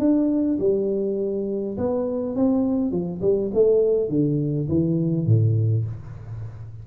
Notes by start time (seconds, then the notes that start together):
0.00 D4
0.60 G3
1.78 B3
2.36 C4
2.92 F3
3.22 G3
3.54 A3
4.09 D3
4.69 E3
5.26 A2